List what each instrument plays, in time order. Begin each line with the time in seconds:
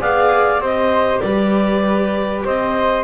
0.00 double bass B3, viola G#4, flute D5, clarinet F5
0.60 double bass C4, viola G4, flute C5, clarinet D#5
1.20 double bass G3, flute B4, clarinet D5
2.45 double bass C4, flute C5, clarinet D#5